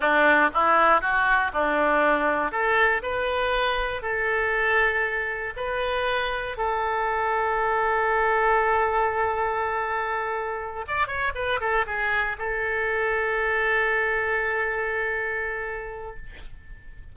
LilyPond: \new Staff \with { instrumentName = "oboe" } { \time 4/4 \tempo 4 = 119 d'4 e'4 fis'4 d'4~ | d'4 a'4 b'2 | a'2. b'4~ | b'4 a'2.~ |
a'1~ | a'4. d''8 cis''8 b'8 a'8 gis'8~ | gis'8 a'2.~ a'8~ | a'1 | }